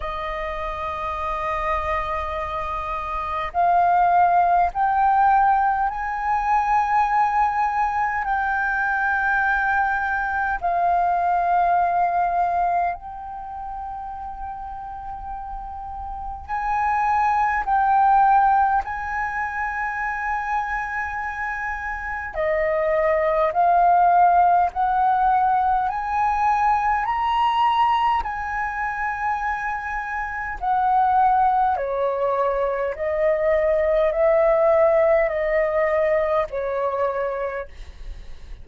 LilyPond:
\new Staff \with { instrumentName = "flute" } { \time 4/4 \tempo 4 = 51 dis''2. f''4 | g''4 gis''2 g''4~ | g''4 f''2 g''4~ | g''2 gis''4 g''4 |
gis''2. dis''4 | f''4 fis''4 gis''4 ais''4 | gis''2 fis''4 cis''4 | dis''4 e''4 dis''4 cis''4 | }